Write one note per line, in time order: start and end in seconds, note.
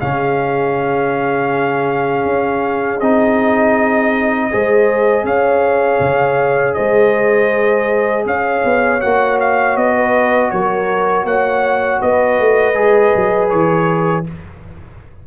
0.00 2.25 C#3
0.00 3.00 C#4
0.00 4.50 G#4
0.00 3.00 F5
2.25 3.00 C#4
3.00 4.50 C4
3.00 4.51 D#4
3.00 5.25 D#5
4.51 5.23 G#3
4.51 9.01 G#4
4.51 5.25 C5
5.23 5.98 C#4
5.23 6.75 C#5
5.23 6.74 F5
6.00 6.75 C#3
6.74 8.26 G#3
6.74 8.25 C5
6.74 8.24 D#5
8.26 8.63 C#4
8.26 9.95 C#5
8.26 9.01 F5
8.64 9.02 B3
9.01 9.76 A#3
9.01 12.74 F#4
9.01 9.38 F#5
9.40 9.77 F5
9.76 10.51 B3
9.76 10.50 D#5
9.95 10.51 B4
10.50 11.24 F#3
10.50 11.26 A#4
10.50 11.25 C#5
11.24 11.99 A#3
11.24 12.00 C#5
11.24 12.01 F#5
12.00 12.39 B3
12.00 14.25 B4
12.00 13.49 D#5
12.39 12.75 A3
12.74 13.13 G#3
12.74 14.24 G#4
13.15 13.52 F#3
13.49 14.27 E3
13.49 14.24 C#5